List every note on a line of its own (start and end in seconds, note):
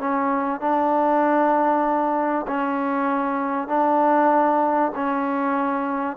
0.00 0.61 C#4
0.61 2.47 D4
2.48 3.69 C#4
3.69 4.92 D4
4.96 6.17 C#4